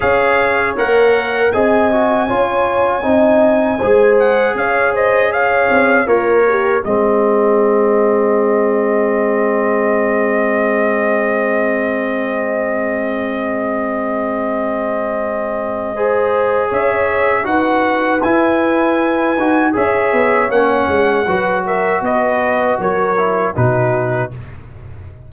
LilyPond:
<<
  \new Staff \with { instrumentName = "trumpet" } { \time 4/4 \tempo 4 = 79 f''4 fis''4 gis''2~ | gis''4. fis''8 f''8 dis''8 f''4 | cis''4 dis''2.~ | dis''1~ |
dis''1~ | dis''2 e''4 fis''4 | gis''2 e''4 fis''4~ | fis''8 e''8 dis''4 cis''4 b'4 | }
  \new Staff \with { instrumentName = "horn" } { \time 4/4 cis''2 dis''4 cis''4 | dis''4 c''4 cis''8 c''8 cis''4 | f'8 g'8 gis'2.~ | gis'1~ |
gis'1~ | gis'4 c''4 cis''4 b'4~ | b'2 cis''2 | b'8 ais'8 b'4 ais'4 fis'4 | }
  \new Staff \with { instrumentName = "trombone" } { \time 4/4 gis'4 ais'4 gis'8 fis'8 f'4 | dis'4 gis'2. | ais'4 c'2.~ | c'1~ |
c'1~ | c'4 gis'2 fis'4 | e'4. fis'8 gis'4 cis'4 | fis'2~ fis'8 e'8 dis'4 | }
  \new Staff \with { instrumentName = "tuba" } { \time 4/4 cis'4 ais4 c'4 cis'4 | c'4 gis4 cis'4. c'8 | ais4 gis2.~ | gis1~ |
gis1~ | gis2 cis'4 dis'4 | e'4. dis'8 cis'8 b8 ais8 gis8 | fis4 b4 fis4 b,4 | }
>>